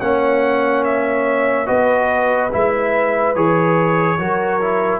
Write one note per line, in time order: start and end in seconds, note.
0.00 1.68 A#3
0.00 1.66 C#4
0.00 1.66 C#5
0.00 0.83 F#5
0.84 1.66 E5
1.66 2.52 B3
1.66 2.49 F#4
1.66 4.16 B4
1.66 2.50 D#5
2.52 3.35 G#3
2.52 3.35 E4
2.52 3.35 E5
3.35 4.18 E3
3.35 4.18 G#4
3.35 4.99 C#5
4.18 4.99 F#3
4.18 4.60 F#4
4.18 4.99 A#4
4.61 4.99 E4